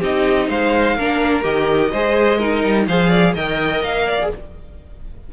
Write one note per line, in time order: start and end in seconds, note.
0.00 0.49 C4
0.00 0.98 D#4
0.00 0.48 G4
0.00 0.50 D#5
0.49 0.96 G#3
0.49 0.96 C5
0.49 1.44 F5
0.96 1.44 A#3
0.96 1.43 D4
0.96 1.91 A#4
1.43 1.92 D#3
1.43 1.90 G4
1.43 2.87 D#5
1.92 2.64 G#3
1.92 2.40 G#4
1.92 2.38 C5
2.38 2.87 D#4
2.38 2.86 A#4
2.64 2.87 G3
2.87 3.35 F3
2.87 3.36 G#4
2.87 3.09 C5
2.87 3.34 F5
3.09 3.33 D5
3.34 3.82 D#3
3.34 4.20 A#4
3.34 4.06 D#5
3.34 3.83 G5
3.82 4.29 A#3
3.82 4.31 F5
4.07 4.31 D5
4.22 4.33 G#4